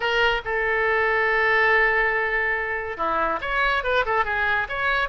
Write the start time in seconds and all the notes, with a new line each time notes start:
0.00 A#4
0.44 A4
2.97 E4
3.41 C#5
3.83 B4
4.05 A4
4.25 G#4
4.68 C#5